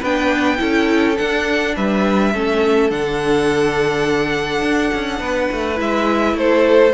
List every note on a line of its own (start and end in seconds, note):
0.00 0.60 B3
0.00 0.57 D4
0.00 0.58 B4
0.00 1.17 G5
0.57 1.18 C#4
0.57 1.15 E4
0.57 1.75 A4
1.17 2.33 D4
1.17 1.76 D4
1.17 1.75 F#5
1.76 2.33 G3
1.76 2.33 B4
1.76 2.91 E5
2.33 2.90 A3
2.33 2.90 C#4
2.33 5.22 A4
2.90 4.61 D3
2.90 5.75 D4
2.90 5.79 F#5
4.61 4.90 D4
4.94 5.20 C#4
5.20 5.48 B3
5.20 6.37 B4
5.52 5.80 A3
5.75 6.34 G#3
5.75 6.91 E4
5.75 6.38 E5
6.34 6.91 A3
6.34 6.94 A4
6.34 6.94 C5